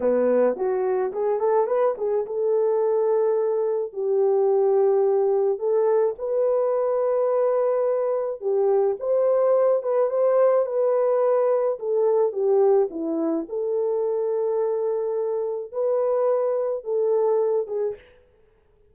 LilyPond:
\new Staff \with { instrumentName = "horn" } { \time 4/4 \tempo 4 = 107 b4 fis'4 gis'8 a'8 b'8 gis'8 | a'2. g'4~ | g'2 a'4 b'4~ | b'2. g'4 |
c''4. b'8 c''4 b'4~ | b'4 a'4 g'4 e'4 | a'1 | b'2 a'4. gis'8 | }